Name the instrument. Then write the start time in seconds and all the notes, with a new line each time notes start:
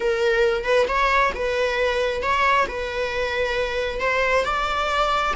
viola
0.00 A#4
0.64 B4
0.87 C#5
1.34 B4
2.22 C#5
2.68 B4
4.00 C5
4.44 D5